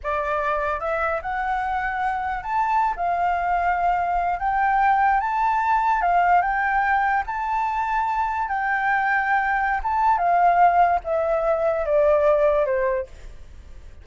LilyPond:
\new Staff \with { instrumentName = "flute" } { \time 4/4 \tempo 4 = 147 d''2 e''4 fis''4~ | fis''2 a''4~ a''16 f''8.~ | f''2~ f''8. g''4~ g''16~ | g''8. a''2 f''4 g''16~ |
g''4.~ g''16 a''2~ a''16~ | a''8. g''2.~ g''16 | a''4 f''2 e''4~ | e''4 d''2 c''4 | }